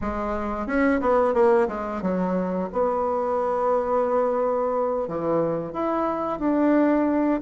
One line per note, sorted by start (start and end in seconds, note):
0.01 0.66 G#3
0.66 1.00 C#4
1.01 1.34 B3
1.34 1.67 A#3
1.68 2.01 G#3
2.02 2.69 F#3
2.72 5.07 B3
5.07 5.72 E3
5.72 6.39 E4
6.39 7.40 D4